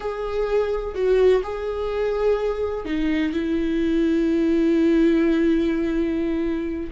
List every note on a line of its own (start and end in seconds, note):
0.00 0.94 G#4
0.94 1.42 F#4
1.43 2.85 G#4
2.85 3.32 D#4
3.32 6.90 E4